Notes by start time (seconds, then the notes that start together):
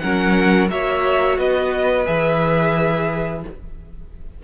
0.00 F#3 C#4 A#4 F#5
0.68 A#3 F#4 C#5 E5
1.38 B3 B4 D#5
2.06 E3 G#4 E5